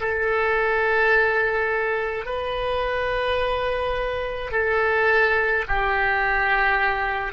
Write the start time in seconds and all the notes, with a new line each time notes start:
0.00 A4
2.25 B4
4.51 A4
5.68 G4